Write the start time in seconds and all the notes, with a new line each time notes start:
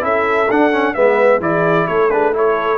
0.00 C#4 E4 A4 E5
0.50 D4 F#5
0.71 C#4
0.94 G#3 B3 B4 E5
1.39 E3 E4 G#4 D5
1.87 A3 A4 C#5
2.10 D4 G#4 B4
2.33 E4 A4 C#5